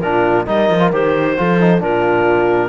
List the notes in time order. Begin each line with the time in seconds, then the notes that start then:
0.00 A#2 D4 F4 A#4
0.46 G3 D#4 A#4 D#5
0.70 F3
0.80 F4
0.92 D#3 G4 C5
1.38 F3 F4 A4
1.60 D#4
1.80 A#2 D4 F4 A#4